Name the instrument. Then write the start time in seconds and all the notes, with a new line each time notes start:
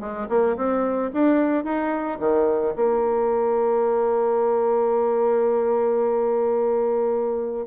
bassoon
0.00 G#3
0.29 A#3
0.56 C4
1.13 D4
1.64 D#4
2.19 D#3
2.76 A#3